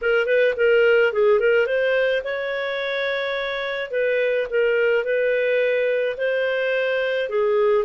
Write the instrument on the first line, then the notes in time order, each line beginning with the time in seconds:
clarinet
0.01 A#4
0.26 B4
0.56 A#4
1.12 G#4
1.39 A#4
1.66 C5
2.24 C#5
3.90 B4
4.49 A#4
5.04 B4
6.17 C5
7.29 G#4